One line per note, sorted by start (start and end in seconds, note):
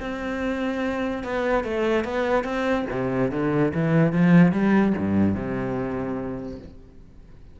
0.00 1.24 C4
1.24 1.64 B3
1.64 2.05 A3
2.05 2.44 B3
2.44 2.86 C4
2.91 3.32 C3
3.32 3.73 D3
3.74 4.13 E3
4.13 4.52 F3
4.52 4.94 G3
4.98 5.35 G2
5.35 6.59 C3